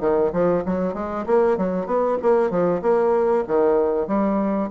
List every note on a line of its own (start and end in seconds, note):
0.00 0.31 D#3
0.33 0.64 F3
0.65 0.94 F#3
0.94 1.25 G#3
1.26 1.57 A#3
1.57 1.86 F#3
1.86 2.17 B3
2.22 2.50 A#3
2.50 2.82 F3
2.82 3.44 A#3
3.47 4.08 D#3
4.08 4.70 G3